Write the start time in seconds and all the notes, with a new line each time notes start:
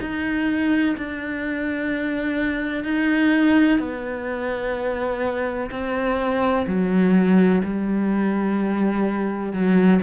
0.00 D#4
0.97 D4
2.84 D#4
3.79 B3
5.71 C4
6.67 F#3
7.64 G3
9.52 F#3